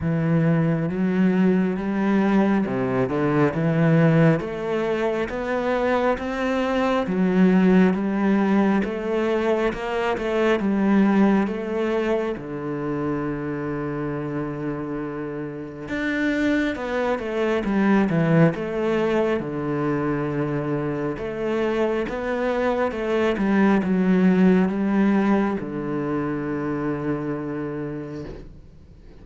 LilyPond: \new Staff \with { instrumentName = "cello" } { \time 4/4 \tempo 4 = 68 e4 fis4 g4 c8 d8 | e4 a4 b4 c'4 | fis4 g4 a4 ais8 a8 | g4 a4 d2~ |
d2 d'4 b8 a8 | g8 e8 a4 d2 | a4 b4 a8 g8 fis4 | g4 d2. | }